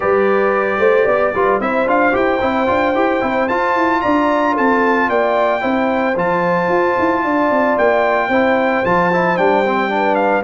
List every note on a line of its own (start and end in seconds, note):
0.00 0.78 G3
0.00 1.34 G4
0.00 0.78 B4
0.00 1.60 D5
0.78 1.05 A3
0.78 1.05 C5
1.05 1.33 B3
1.05 1.32 D5
1.33 1.60 G3
1.33 1.61 F4
1.33 1.60 B4
1.60 1.86 C4
1.60 1.86 E4
1.60 4.02 C5
1.60 1.87 E5
1.86 2.13 D4
1.86 2.12 F4
1.86 2.15 F5
2.12 2.41 E4
2.12 2.39 G4
2.12 3.48 G5
2.41 2.68 C4
2.41 2.67 E4
2.67 2.94 D4
2.67 2.93 F4
2.94 3.21 E4
2.94 3.21 G4
3.21 3.49 C4
3.21 3.47 E4
3.48 3.75 F4
3.48 5.60 F4
3.48 4.01 A5
3.75 4.02 E4
4.01 4.58 D4
4.01 4.52 D5
4.01 4.54 A#5
4.52 5.09 C4
4.52 5.06 A4
4.52 5.09 A5
5.09 5.62 A#3
5.09 5.61 D5
5.09 6.16 G5
5.60 6.16 C4
5.60 6.14 E4
5.60 7.22 C5
6.16 6.68 F3
6.16 8.30 F4
6.16 7.78 A5
6.68 6.95 F4
6.98 7.24 E4
7.24 7.50 D4
7.24 8.28 D5
7.50 7.77 C4
7.78 8.29 A#3
7.78 8.85 G5
8.28 8.82 C4
8.28 8.84 E4
8.28 9.89 C5
8.84 9.38 F3
8.84 9.11 F4
8.84 9.37 A5
9.12 9.37 E4
9.37 10.43 G3
9.37 9.64 D4
9.37 10.15 G5
9.65 9.89 C4
9.89 10.43 D4
9.89 10.43 B4
10.15 10.42 F5